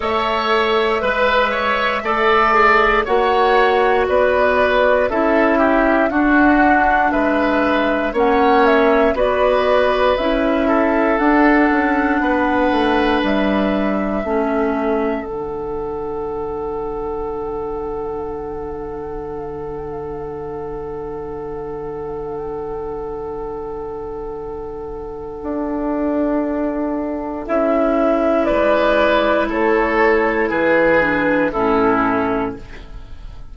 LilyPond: <<
  \new Staff \with { instrumentName = "flute" } { \time 4/4 \tempo 4 = 59 e''2. fis''4 | d''4 e''4 fis''4 e''4 | fis''8 e''8 d''4 e''4 fis''4~ | fis''4 e''2 fis''4~ |
fis''1~ | fis''1~ | fis''2. e''4 | d''4 cis''4 b'4 a'4 | }
  \new Staff \with { instrumentName = "oboe" } { \time 4/4 cis''4 b'8 cis''8 d''4 cis''4 | b'4 a'8 g'8 fis'4 b'4 | cis''4 b'4. a'4. | b'2 a'2~ |
a'1~ | a'1~ | a'1 | b'4 a'4 gis'4 e'4 | }
  \new Staff \with { instrumentName = "clarinet" } { \time 4/4 a'4 b'4 a'8 gis'8 fis'4~ | fis'4 e'4 d'2 | cis'4 fis'4 e'4 d'4~ | d'2 cis'4 d'4~ |
d'1~ | d'1~ | d'2. e'4~ | e'2~ e'8 d'8 cis'4 | }
  \new Staff \with { instrumentName = "bassoon" } { \time 4/4 a4 gis4 a4 ais4 | b4 cis'4 d'4 gis4 | ais4 b4 cis'4 d'8 cis'8 | b8 a8 g4 a4 d4~ |
d1~ | d1~ | d4 d'2 cis'4 | gis4 a4 e4 a,4 | }
>>